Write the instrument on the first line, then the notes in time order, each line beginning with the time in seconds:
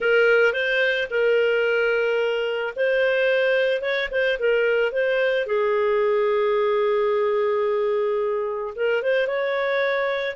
clarinet
0.00 A#4
0.53 C5
1.10 A#4
2.75 C5
3.81 C#5
4.11 C5
4.39 A#4
4.91 C5
5.46 G#4
8.75 A#4
9.02 C5
9.27 C#5